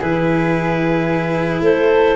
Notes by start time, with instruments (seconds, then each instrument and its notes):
0.00 tuba E3, cello E4, flute G#4, clarinet B4
1.61 tuba A3, flute A4, clarinet C5